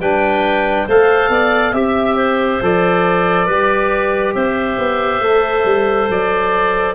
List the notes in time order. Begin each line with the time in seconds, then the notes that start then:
0.00 G3 D4 B4 G5
0.86 A3 A4 C5 F5
1.29 B3 D5
1.72 C4 G4 E5
2.16 C5
2.62 F3 A4 D5
3.46 G3 G4 B4
4.34 C4 C5 E5
4.78 B3
5.20 A3 A4
5.65 G3
6.09 F#3 D5